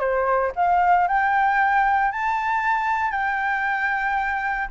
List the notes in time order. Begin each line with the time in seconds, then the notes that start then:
0.00 C5
0.56 F5
1.08 G5
2.12 A5
3.12 G5